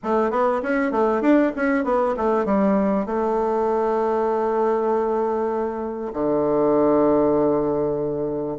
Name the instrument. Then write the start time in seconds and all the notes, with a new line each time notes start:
bassoon
0.03 A3
0.30 B3
0.62 C#4
0.91 A3
1.21 D4
1.56 C#4
1.84 B3
2.17 A3
2.45 G3
3.06 A3
6.13 D3